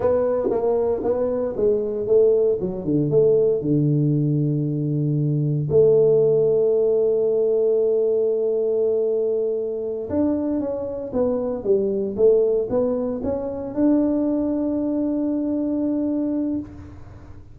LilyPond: \new Staff \with { instrumentName = "tuba" } { \time 4/4 \tempo 4 = 116 b4 ais4 b4 gis4 | a4 fis8 d8 a4 d4~ | d2. a4~ | a1~ |
a2.~ a8 d'8~ | d'8 cis'4 b4 g4 a8~ | a8 b4 cis'4 d'4.~ | d'1 | }